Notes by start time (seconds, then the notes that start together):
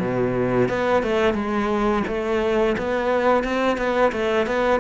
0.00 B2
0.69 B3
1.03 A3
1.34 G#3
2.08 A3
2.78 B3
3.44 C4
3.78 B3
4.13 A3
4.47 B3